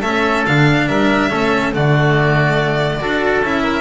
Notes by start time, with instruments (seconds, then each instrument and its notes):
0.00 double bass A3, cello C#4, oboe A4, violin E5
0.45 double bass D3, cello D4, violin F5
0.87 double bass G3, oboe A#4, violin E5
1.29 double bass A3, cello C#4, oboe A4
1.72 double bass D3, cello A3, oboe F#4, violin D5
3.00 double bass D4, cello F#4, oboe A4
3.42 double bass C#4, cello E4, violin E5
3.63 oboe A#4